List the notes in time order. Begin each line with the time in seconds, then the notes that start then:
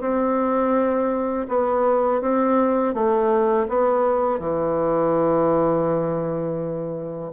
0.00 C4
1.48 B3
2.21 C4
2.94 A3
3.68 B3
4.39 E3